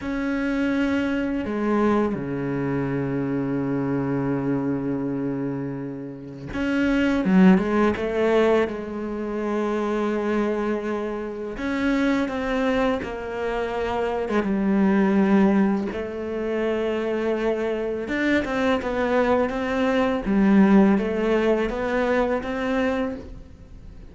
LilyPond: \new Staff \with { instrumentName = "cello" } { \time 4/4 \tempo 4 = 83 cis'2 gis4 cis4~ | cis1~ | cis4 cis'4 fis8 gis8 a4 | gis1 |
cis'4 c'4 ais4.~ ais16 gis16 | g2 a2~ | a4 d'8 c'8 b4 c'4 | g4 a4 b4 c'4 | }